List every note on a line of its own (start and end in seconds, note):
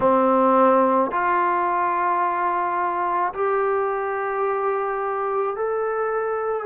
0.00 1.11 C4
1.11 3.33 F4
3.33 5.56 G4
5.56 6.65 A4